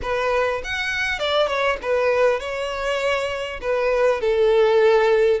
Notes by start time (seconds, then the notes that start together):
0.02 B4
0.64 F#5
1.19 D5
1.47 C#5
1.82 B4
2.40 C#5
3.61 B4
4.21 A4